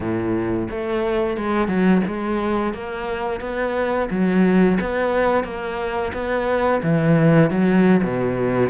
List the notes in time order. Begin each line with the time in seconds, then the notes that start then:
0.00 A2
0.70 A3
1.37 G#3
1.68 F#3
2.06 G#3
2.73 A#3
3.40 B3
4.10 F#3
4.81 B3
5.44 A#3
6.13 B3
6.82 E3
7.50 F#3
8.03 B2